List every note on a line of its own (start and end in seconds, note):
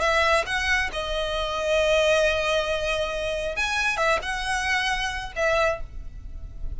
0.00 0.44 E5
0.46 0.90 F#5
0.92 3.56 D#5
3.56 3.97 G#5
3.97 4.19 E5
4.22 5.32 F#5
5.35 5.80 E5